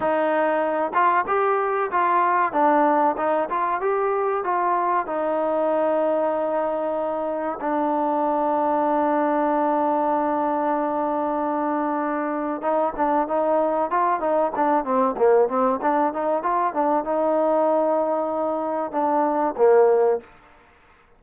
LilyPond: \new Staff \with { instrumentName = "trombone" } { \time 4/4 \tempo 4 = 95 dis'4. f'8 g'4 f'4 | d'4 dis'8 f'8 g'4 f'4 | dis'1 | d'1~ |
d'1 | dis'8 d'8 dis'4 f'8 dis'8 d'8 c'8 | ais8 c'8 d'8 dis'8 f'8 d'8 dis'4~ | dis'2 d'4 ais4 | }